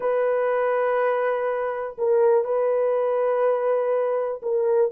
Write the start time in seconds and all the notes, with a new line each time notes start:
0.00 B4
1.98 A#4
2.44 B4
4.42 A#4